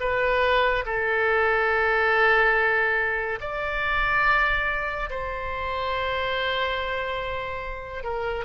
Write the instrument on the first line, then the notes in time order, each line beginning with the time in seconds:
oboe
0.00 B4
0.86 A4
3.41 D5
5.10 C5
8.04 A#4